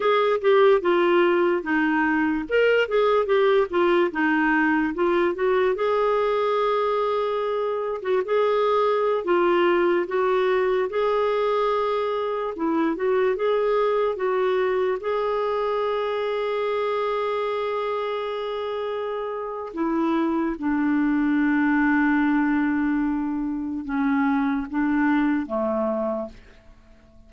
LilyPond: \new Staff \with { instrumentName = "clarinet" } { \time 4/4 \tempo 4 = 73 gis'8 g'8 f'4 dis'4 ais'8 gis'8 | g'8 f'8 dis'4 f'8 fis'8 gis'4~ | gis'4.~ gis'16 fis'16 gis'4~ gis'16 f'8.~ | f'16 fis'4 gis'2 e'8 fis'16~ |
fis'16 gis'4 fis'4 gis'4.~ gis'16~ | gis'1 | e'4 d'2.~ | d'4 cis'4 d'4 a4 | }